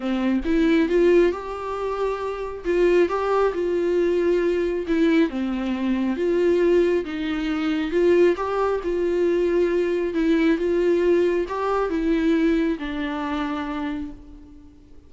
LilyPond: \new Staff \with { instrumentName = "viola" } { \time 4/4 \tempo 4 = 136 c'4 e'4 f'4 g'4~ | g'2 f'4 g'4 | f'2. e'4 | c'2 f'2 |
dis'2 f'4 g'4 | f'2. e'4 | f'2 g'4 e'4~ | e'4 d'2. | }